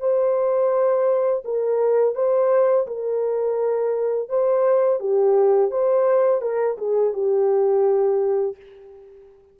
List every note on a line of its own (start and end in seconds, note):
0.00 1.43 C5
1.45 2.15 A#4
2.15 2.87 C5
2.87 4.29 A#4
4.29 5.00 C5
5.00 5.71 G4
5.71 6.41 C5
6.41 6.77 A#4
6.78 7.13 G#4
7.13 8.56 G4